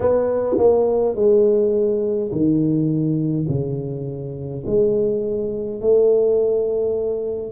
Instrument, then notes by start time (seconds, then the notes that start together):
tuba
0.00 B3
0.57 A#3
1.15 G#3
2.31 D#3
3.48 C#3
4.66 G#3
5.80 A3